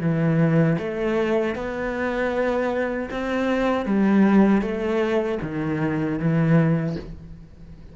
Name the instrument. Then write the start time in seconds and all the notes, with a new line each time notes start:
cello
0.00 E3
0.78 A3
1.55 B3
3.11 C4
3.86 G3
4.61 A3
5.42 D#3
6.19 E3